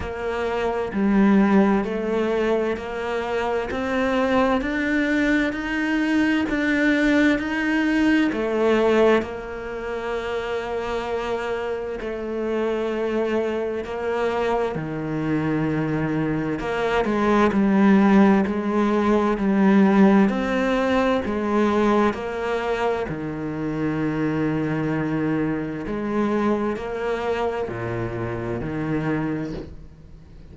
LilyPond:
\new Staff \with { instrumentName = "cello" } { \time 4/4 \tempo 4 = 65 ais4 g4 a4 ais4 | c'4 d'4 dis'4 d'4 | dis'4 a4 ais2~ | ais4 a2 ais4 |
dis2 ais8 gis8 g4 | gis4 g4 c'4 gis4 | ais4 dis2. | gis4 ais4 ais,4 dis4 | }